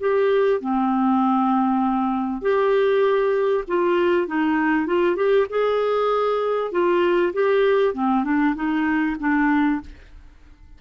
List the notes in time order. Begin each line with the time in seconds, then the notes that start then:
0.00 G4
0.61 C4
2.42 G4
3.68 F4
4.27 D#4
4.86 F4
5.16 G4
5.50 G#4
6.72 F4
7.33 G4
7.94 C4
8.24 D4
8.55 D#4
9.20 D4